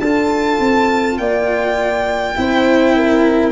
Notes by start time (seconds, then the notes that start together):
0.00 D4 F4 A4 A5
0.60 C4
1.18 A#3 D5 G5
2.36 C4 E4 C5
2.96 A#4